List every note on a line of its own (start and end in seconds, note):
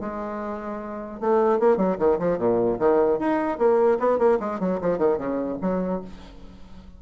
0.00 1.20 G#3
1.20 1.59 A3
1.59 1.77 A#3
1.77 1.97 F#3
1.98 2.18 D#3
2.19 2.38 F3
2.38 2.78 A#2
2.79 3.19 D#3
3.19 3.58 D#4
3.58 3.98 A#3
3.99 4.18 B3
4.18 4.38 A#3
4.39 4.59 G#3
4.59 4.79 F#3
4.81 4.98 F3
4.98 5.17 D#3
5.17 5.57 C#3
5.61 6.01 F#3